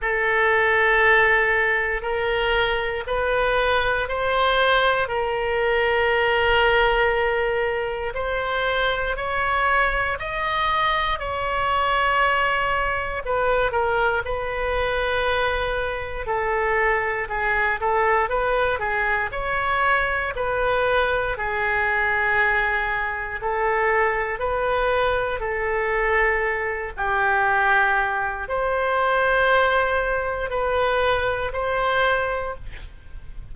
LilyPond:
\new Staff \with { instrumentName = "oboe" } { \time 4/4 \tempo 4 = 59 a'2 ais'4 b'4 | c''4 ais'2. | c''4 cis''4 dis''4 cis''4~ | cis''4 b'8 ais'8 b'2 |
a'4 gis'8 a'8 b'8 gis'8 cis''4 | b'4 gis'2 a'4 | b'4 a'4. g'4. | c''2 b'4 c''4 | }